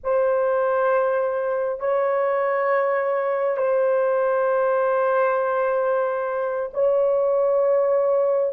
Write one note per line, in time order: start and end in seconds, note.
0.03 1.79 C5
1.79 3.57 C#5
3.57 6.70 C5
6.73 8.52 C#5